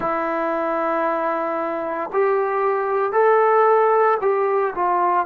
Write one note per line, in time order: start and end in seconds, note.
0.00 2.10 E4
2.12 3.12 G4
3.12 4.17 A4
4.21 4.74 G4
4.75 5.26 F4